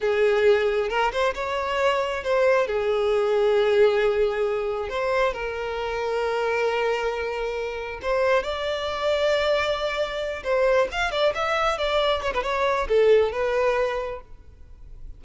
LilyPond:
\new Staff \with { instrumentName = "violin" } { \time 4/4 \tempo 4 = 135 gis'2 ais'8 c''8 cis''4~ | cis''4 c''4 gis'2~ | gis'2. c''4 | ais'1~ |
ais'2 c''4 d''4~ | d''2.~ d''8 c''8~ | c''8 f''8 d''8 e''4 d''4 cis''16 b'16 | cis''4 a'4 b'2 | }